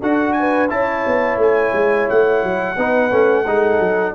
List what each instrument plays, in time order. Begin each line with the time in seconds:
0.00 tuba D4, trombone F#4, horn A4, trumpet F#5
0.33 trumpet G#5
0.39 horn B4
0.69 tuba C#4, trombone E4, horn C#5, trumpet A5
1.07 tuba B3
1.37 tuba A3, trumpet G#5
1.73 tuba G#3
2.09 tuba A3, trumpet F#5
2.43 tuba F#3
2.76 tuba B3, trombone D#4, horn B4
3.11 tuba A3, trombone C#4
3.45 tuba G#3, trombone D#4, horn A4
3.79 tuba F#3